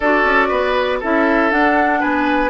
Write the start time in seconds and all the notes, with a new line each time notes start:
0.00 D4 F#4 A4 D5
0.24 C#4
0.47 B3 B4
1.00 C#4 E4 A4 E5
1.50 D4 F#5
2.00 B3 B4 G#5